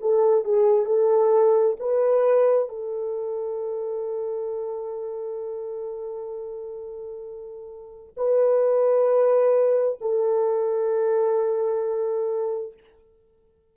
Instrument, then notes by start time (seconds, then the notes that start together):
horn
0.00 A4
0.44 G#4
0.85 A4
1.79 B4
2.69 A4
8.17 B4
10.00 A4